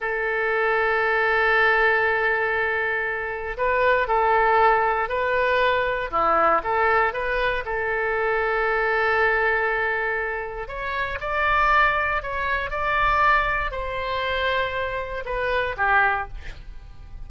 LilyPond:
\new Staff \with { instrumentName = "oboe" } { \time 4/4 \tempo 4 = 118 a'1~ | a'2. b'4 | a'2 b'2 | e'4 a'4 b'4 a'4~ |
a'1~ | a'4 cis''4 d''2 | cis''4 d''2 c''4~ | c''2 b'4 g'4 | }